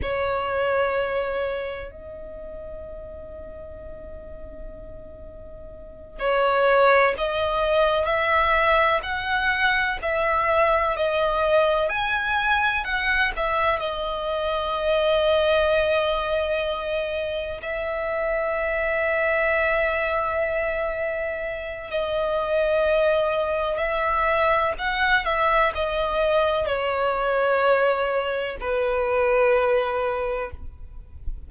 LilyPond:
\new Staff \with { instrumentName = "violin" } { \time 4/4 \tempo 4 = 63 cis''2 dis''2~ | dis''2~ dis''8 cis''4 dis''8~ | dis''8 e''4 fis''4 e''4 dis''8~ | dis''8 gis''4 fis''8 e''8 dis''4.~ |
dis''2~ dis''8 e''4.~ | e''2. dis''4~ | dis''4 e''4 fis''8 e''8 dis''4 | cis''2 b'2 | }